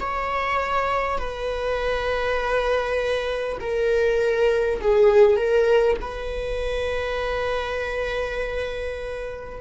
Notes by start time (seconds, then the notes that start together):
0.00 C#5
1.18 B4
3.61 A#4
4.81 G#4
5.37 A#4
6.01 B4